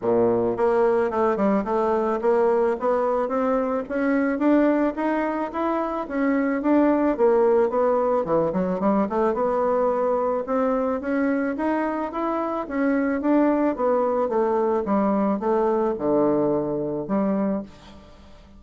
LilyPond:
\new Staff \with { instrumentName = "bassoon" } { \time 4/4 \tempo 4 = 109 ais,4 ais4 a8 g8 a4 | ais4 b4 c'4 cis'4 | d'4 dis'4 e'4 cis'4 | d'4 ais4 b4 e8 fis8 |
g8 a8 b2 c'4 | cis'4 dis'4 e'4 cis'4 | d'4 b4 a4 g4 | a4 d2 g4 | }